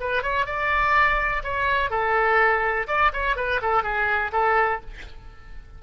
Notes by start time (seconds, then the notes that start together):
0.00 B4
0.22 C#5
0.45 D5
1.43 C#5
1.90 A4
2.87 D5
3.13 C#5
3.36 B4
3.62 A4
3.83 G#4
4.32 A4